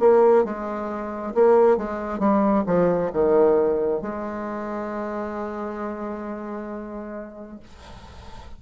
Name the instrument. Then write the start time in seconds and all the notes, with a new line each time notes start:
bassoon
0.00 A#3
0.45 G#3
1.35 A#3
1.77 G#3
2.20 G3
2.67 F3
3.13 D#3
4.02 G#3